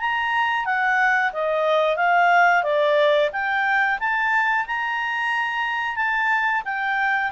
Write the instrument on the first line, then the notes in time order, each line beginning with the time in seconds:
clarinet
0.00 A#5
0.65 F#5
1.33 D#5
1.96 F5
2.63 D5
3.32 G5
3.99 A5
4.67 A#5
5.96 A5
6.65 G5